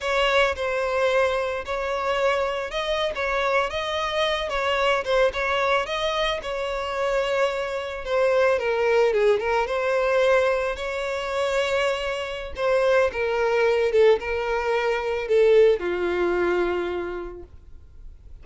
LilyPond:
\new Staff \with { instrumentName = "violin" } { \time 4/4 \tempo 4 = 110 cis''4 c''2 cis''4~ | cis''4 dis''8. cis''4 dis''4~ dis''16~ | dis''16 cis''4 c''8 cis''4 dis''4 cis''16~ | cis''2~ cis''8. c''4 ais'16~ |
ais'8. gis'8 ais'8 c''2 cis''16~ | cis''2. c''4 | ais'4. a'8 ais'2 | a'4 f'2. | }